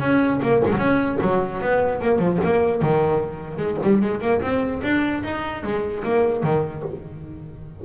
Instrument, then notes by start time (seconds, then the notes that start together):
double bass
0.00 C#4
0.43 A#3
0.66 G#3
0.73 F#3 C#4
1.22 F#3
1.61 B3
2.02 A#3
2.19 F3
2.44 A#3
2.82 D#3
3.58 G#3
3.83 G3
4.02 G#3
4.21 A#3
4.42 C4
4.83 D4
5.24 D#4
5.64 G#3
6.04 A#3
6.43 D#3